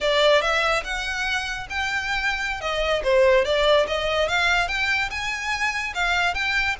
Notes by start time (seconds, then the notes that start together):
0.00 D5
0.41 E5
0.84 F#5
1.69 G5
2.60 D#5
3.03 C5
3.44 D5
3.87 D#5
4.28 F5
4.68 G5
5.10 G#5
5.94 F5
6.34 G5